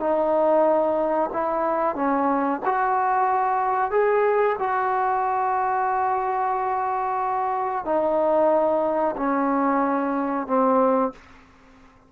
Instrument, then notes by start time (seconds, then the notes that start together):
trombone
0.00 D#4
1.33 E4
1.96 C#4
2.65 F#4
3.91 G#4
4.59 F#4
7.85 D#4
9.17 C#4
10.47 C4